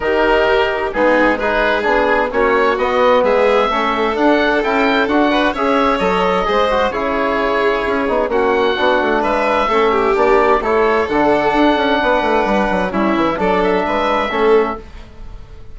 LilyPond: <<
  \new Staff \with { instrumentName = "oboe" } { \time 4/4 \tempo 4 = 130 ais'2 gis'4 b'4 | gis'4 cis''4 dis''4 e''4~ | e''4 fis''4 g''4 fis''4 | e''4 dis''2 cis''4~ |
cis''2 fis''2 | e''2 d''4 cis''4 | fis''1 | e''4 d''8 e''2~ e''8 | }
  \new Staff \with { instrumentName = "violin" } { \time 4/4 g'2 dis'4 gis'4~ | gis'4 fis'2 gis'4 | a'2.~ a'8 b'8 | cis''2 c''4 gis'4~ |
gis'2 fis'2 | b'4 a'8 g'4. a'4~ | a'2 b'2 | e'4 a'4 b'4 a'4 | }
  \new Staff \with { instrumentName = "trombone" } { \time 4/4 dis'2 b4 dis'4 | d'4 cis'4 b2 | cis'4 d'4 e'4 fis'4 | gis'4 a'4 gis'8 fis'8 e'4~ |
e'4. dis'8 cis'4 d'4~ | d'4 cis'4 d'4 e'4 | d'1 | cis'4 d'2 cis'4 | }
  \new Staff \with { instrumentName = "bassoon" } { \time 4/4 dis2 gis2 | b4 ais4 b4 gis4 | a4 d'4 cis'4 d'4 | cis'4 fis4 gis4 cis4~ |
cis4 cis'8 b8 ais4 b8 a8 | gis4 a4 ais4 a4 | d4 d'8 cis'8 b8 a8 g8 fis8 | g8 e8 fis4 gis4 a4 | }
>>